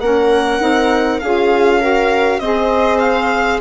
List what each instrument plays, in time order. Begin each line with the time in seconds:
0.00 bassoon A#3, saxophone C#4, viola A#4, violin F#5
0.60 bassoon C4, saxophone D#4
1.20 bassoon C#4, saxophone F4, viola G#4, violin F5
1.80 saxophone F#4, viola A#4
2.40 bassoon C4, saxophone G#4, viola C5, violin D#5
3.00 violin F5